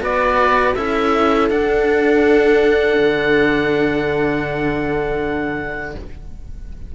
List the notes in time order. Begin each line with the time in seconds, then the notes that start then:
0.00 B3 F#4 B4 D5
0.75 C#4 E4 A4 E5
1.50 D4 F#5
2.99 D3